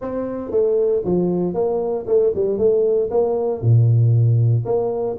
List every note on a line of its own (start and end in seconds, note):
0.01 0.50 C4
0.50 1.02 A3
1.04 1.54 F3
1.54 2.05 A#3
2.07 2.33 A3
2.34 2.57 G3
2.57 3.09 A3
3.10 3.61 A#3
3.61 4.64 A#2
4.65 5.17 A#3